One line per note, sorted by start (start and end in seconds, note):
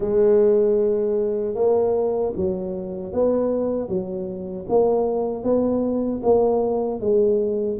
0.00 1.54 G#3
1.54 2.32 A#3
2.36 3.12 F#3
3.12 3.88 B3
3.88 4.66 F#3
4.68 5.43 A#3
5.43 6.21 B3
6.22 7.00 A#3
7.00 7.78 G#3